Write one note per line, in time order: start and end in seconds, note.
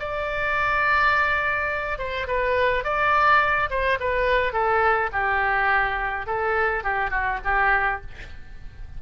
0.00 1.98 D5
1.98 2.27 C5
2.28 2.84 B4
2.84 3.70 D5
3.70 3.99 C5
4.00 4.53 B4
4.53 5.10 A4
5.13 6.26 G4
6.26 6.84 A4
6.84 7.11 G4
7.11 7.39 F#4
7.44 8.02 G4